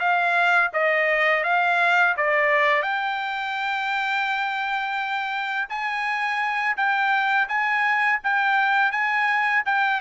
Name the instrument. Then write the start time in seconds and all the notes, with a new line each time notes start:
trumpet
0.00 F5
0.74 D#5
1.44 F5
2.17 D5
2.83 G5
5.69 G#5
6.77 G5
7.49 G#5
8.24 G5
8.92 G#5
9.66 G5